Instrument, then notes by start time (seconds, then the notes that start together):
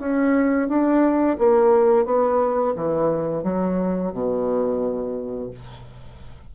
bassoon
0.00 C#4
0.69 D4
1.39 A#3
2.06 B3
2.76 E3
3.44 F#3
4.13 B2